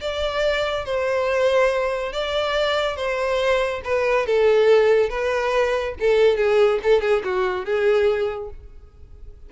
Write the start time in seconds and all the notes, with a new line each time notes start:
0.00 D5
0.85 C5
2.12 D5
2.96 C5
3.84 B4
4.26 A4
5.09 B4
5.99 A4
6.37 G#4
6.83 A4
7.01 G#4
7.24 F#4
7.64 G#4